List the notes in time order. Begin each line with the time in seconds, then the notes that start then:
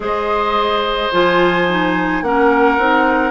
0.00 G#3 G#4 C5 D#5
1.11 F3 F4 G#5
1.68 D#4
2.22 A#3 C#4 A#4 F#5
2.78 C4 D#4